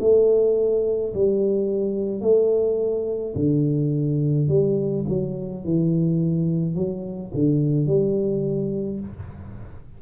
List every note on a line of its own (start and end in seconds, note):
0.00 1.13 A3
1.14 2.21 G3
2.21 3.34 A3
3.35 4.48 D3
4.48 5.05 G3
5.08 5.64 F#3
5.64 6.75 E3
6.75 7.32 F#3
7.34 7.86 D3
7.86 8.99 G3